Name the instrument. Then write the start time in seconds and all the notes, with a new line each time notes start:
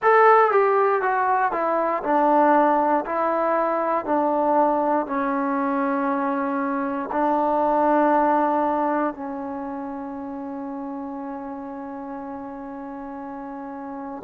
trombone
0.02 A4
0.51 G4
1.02 F#4
1.52 E4
2.03 D4
3.05 E4
4.04 D4
5.06 C#4
7.11 D4
9.14 C#4